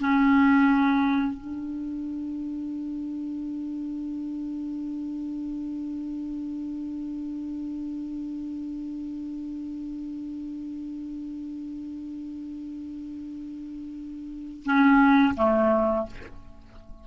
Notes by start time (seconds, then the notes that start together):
0.00 C#4
1.38 D4
14.65 C#4
15.37 A3